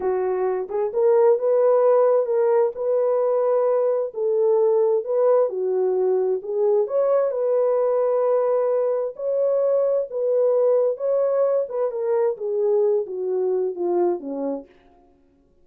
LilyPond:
\new Staff \with { instrumentName = "horn" } { \time 4/4 \tempo 4 = 131 fis'4. gis'8 ais'4 b'4~ | b'4 ais'4 b'2~ | b'4 a'2 b'4 | fis'2 gis'4 cis''4 |
b'1 | cis''2 b'2 | cis''4. b'8 ais'4 gis'4~ | gis'8 fis'4. f'4 cis'4 | }